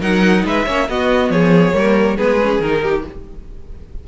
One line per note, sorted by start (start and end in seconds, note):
0.00 0.44 F#3
0.00 0.66 D#4
0.00 0.43 A#4
0.00 0.45 F#5
0.45 0.67 G#3
0.45 0.66 B4
0.45 0.89 E5
0.66 0.89 A#3
0.66 0.88 C#4
0.66 0.87 C#5
0.89 1.30 B3
0.89 1.73 B3
0.89 1.33 F#4
0.89 1.30 D#5
1.30 1.73 F3
1.30 1.77 G#4
1.30 2.17 C#5
1.73 2.17 G3
1.73 2.16 A#3
1.73 2.17 A#4
2.17 2.60 G#3
2.17 2.40 B3
2.17 2.82 G#4
2.17 2.61 B4
2.41 2.63 C#4
2.60 3.03 D#3
2.60 3.08 D#4
2.60 3.04 A#4
2.82 3.04 G4